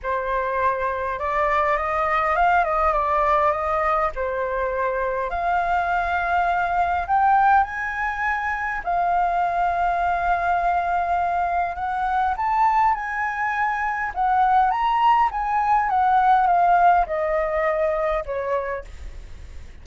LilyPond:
\new Staff \with { instrumentName = "flute" } { \time 4/4 \tempo 4 = 102 c''2 d''4 dis''4 | f''8 dis''8 d''4 dis''4 c''4~ | c''4 f''2. | g''4 gis''2 f''4~ |
f''1 | fis''4 a''4 gis''2 | fis''4 ais''4 gis''4 fis''4 | f''4 dis''2 cis''4 | }